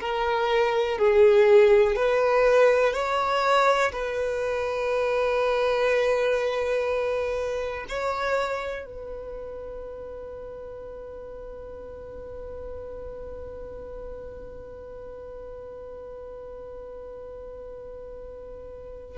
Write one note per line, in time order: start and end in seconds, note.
0.00 0.98 A#4
0.98 1.96 G#4
1.96 2.93 B4
2.93 3.92 C#5
3.93 7.86 B4
7.89 8.85 C#5
8.85 19.18 B4